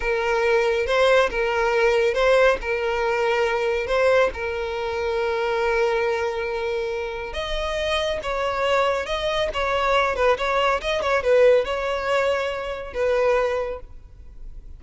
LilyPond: \new Staff \with { instrumentName = "violin" } { \time 4/4 \tempo 4 = 139 ais'2 c''4 ais'4~ | ais'4 c''4 ais'2~ | ais'4 c''4 ais'2~ | ais'1~ |
ais'4 dis''2 cis''4~ | cis''4 dis''4 cis''4. b'8 | cis''4 dis''8 cis''8 b'4 cis''4~ | cis''2 b'2 | }